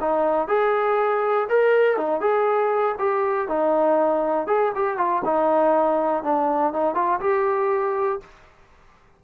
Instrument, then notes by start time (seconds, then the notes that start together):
trombone
0.00 D#4
0.47 G#4
1.49 A#4
1.97 D#4
2.20 G#4
2.98 G4
3.48 D#4
4.47 G#4
4.75 G4
4.97 F4
5.24 D#4
6.23 D4
6.73 D#4
6.95 F4
7.20 G4